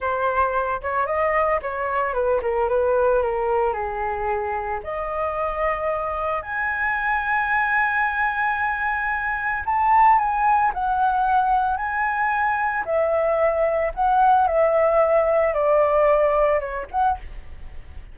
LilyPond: \new Staff \with { instrumentName = "flute" } { \time 4/4 \tempo 4 = 112 c''4. cis''8 dis''4 cis''4 | b'8 ais'8 b'4 ais'4 gis'4~ | gis'4 dis''2. | gis''1~ |
gis''2 a''4 gis''4 | fis''2 gis''2 | e''2 fis''4 e''4~ | e''4 d''2 cis''8 fis''8 | }